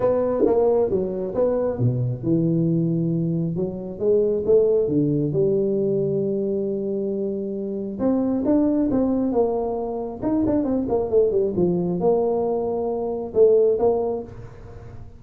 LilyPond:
\new Staff \with { instrumentName = "tuba" } { \time 4/4 \tempo 4 = 135 b4 ais4 fis4 b4 | b,4 e2. | fis4 gis4 a4 d4 | g1~ |
g2 c'4 d'4 | c'4 ais2 dis'8 d'8 | c'8 ais8 a8 g8 f4 ais4~ | ais2 a4 ais4 | }